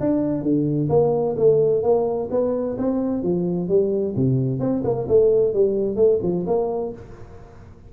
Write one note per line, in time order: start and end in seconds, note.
0.00 0.42 D4
0.42 0.88 D3
0.89 1.35 A#3
1.37 1.83 A3
1.83 2.29 A#3
2.31 2.77 B3
2.78 3.23 C4
3.23 3.68 F3
3.68 4.14 G3
4.16 4.59 C3
4.59 4.83 C4
4.84 5.07 A#3
5.08 5.53 A3
5.53 5.96 G3
5.96 6.19 A3
6.22 6.46 F3
6.47 6.93 A#3